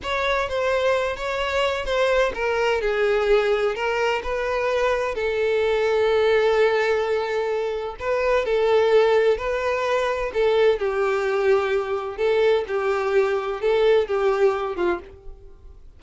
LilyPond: \new Staff \with { instrumentName = "violin" } { \time 4/4 \tempo 4 = 128 cis''4 c''4. cis''4. | c''4 ais'4 gis'2 | ais'4 b'2 a'4~ | a'1~ |
a'4 b'4 a'2 | b'2 a'4 g'4~ | g'2 a'4 g'4~ | g'4 a'4 g'4. f'8 | }